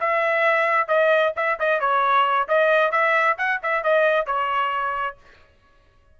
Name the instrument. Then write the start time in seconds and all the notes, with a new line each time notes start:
trumpet
0.00 E5
0.87 D#5
1.36 E5
1.59 D#5
1.80 C#5
2.48 D#5
2.91 E5
3.38 F#5
3.62 E5
3.83 D#5
4.26 C#5